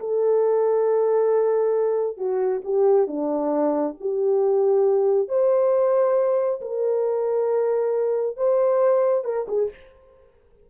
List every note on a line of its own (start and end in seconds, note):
0.00 2.18 A4
2.18 2.62 F#4
2.65 3.08 G4
3.08 3.96 D4
4.01 5.29 G4
5.29 6.61 C5
6.62 8.37 A#4
8.37 9.25 C5
9.25 9.47 A#4
9.49 9.71 G#4